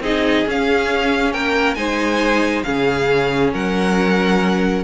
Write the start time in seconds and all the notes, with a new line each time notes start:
0.00 C4 D#4 G#4 D#5
0.46 C#4 F5
1.33 A#3 A#4 G5
1.75 G#3 D#4 C5 G#5
2.63 C#3 C#4 G#4 F5
3.53 F#3 A#4 F#5